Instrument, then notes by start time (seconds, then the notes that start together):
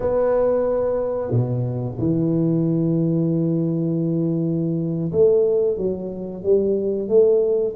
tuba
0.00 B3
1.30 B2
1.98 E3
5.12 A3
5.77 F#3
6.43 G3
7.08 A3